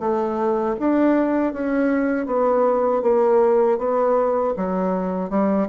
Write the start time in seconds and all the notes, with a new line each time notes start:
0.00 A3
0.79 D4
1.53 C#4
2.26 B3
3.02 A#3
3.78 B3
4.57 F#3
5.30 G3